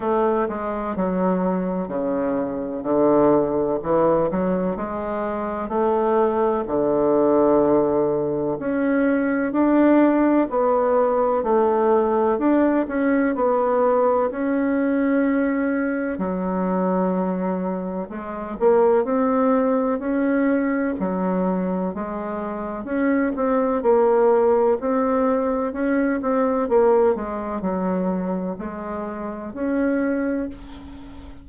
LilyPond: \new Staff \with { instrumentName = "bassoon" } { \time 4/4 \tempo 4 = 63 a8 gis8 fis4 cis4 d4 | e8 fis8 gis4 a4 d4~ | d4 cis'4 d'4 b4 | a4 d'8 cis'8 b4 cis'4~ |
cis'4 fis2 gis8 ais8 | c'4 cis'4 fis4 gis4 | cis'8 c'8 ais4 c'4 cis'8 c'8 | ais8 gis8 fis4 gis4 cis'4 | }